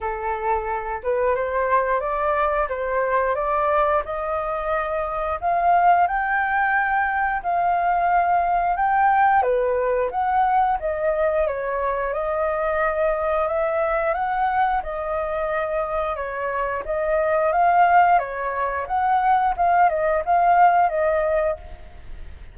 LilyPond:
\new Staff \with { instrumentName = "flute" } { \time 4/4 \tempo 4 = 89 a'4. b'8 c''4 d''4 | c''4 d''4 dis''2 | f''4 g''2 f''4~ | f''4 g''4 b'4 fis''4 |
dis''4 cis''4 dis''2 | e''4 fis''4 dis''2 | cis''4 dis''4 f''4 cis''4 | fis''4 f''8 dis''8 f''4 dis''4 | }